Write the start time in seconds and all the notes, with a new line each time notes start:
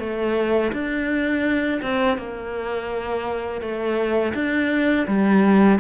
0.00 A3
0.73 D4
1.82 C4
2.18 A#3
3.61 A3
4.35 D4
5.07 G3